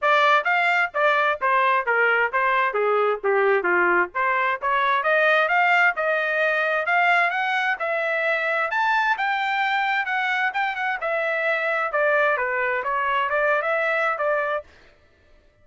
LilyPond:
\new Staff \with { instrumentName = "trumpet" } { \time 4/4 \tempo 4 = 131 d''4 f''4 d''4 c''4 | ais'4 c''4 gis'4 g'4 | f'4 c''4 cis''4 dis''4 | f''4 dis''2 f''4 |
fis''4 e''2 a''4 | g''2 fis''4 g''8 fis''8 | e''2 d''4 b'4 | cis''4 d''8. e''4~ e''16 d''4 | }